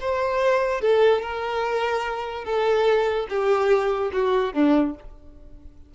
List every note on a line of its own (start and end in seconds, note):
0.00 0.81 C5
0.81 1.22 A4
1.22 2.45 A#4
2.45 3.27 A4
3.29 4.11 G4
4.12 4.53 F#4
4.53 4.94 D4